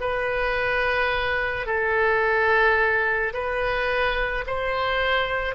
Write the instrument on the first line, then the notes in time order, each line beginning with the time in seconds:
oboe
0.00 B4
1.66 A4
3.33 B4
4.46 C5